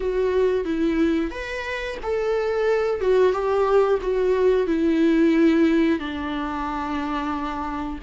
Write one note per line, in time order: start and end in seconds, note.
0.00 0.64 F#4
0.64 1.30 E4
1.30 1.97 B4
2.02 3.00 A4
3.00 3.32 F#4
3.32 3.98 G4
4.01 4.66 F#4
4.66 5.99 E4
5.99 7.99 D4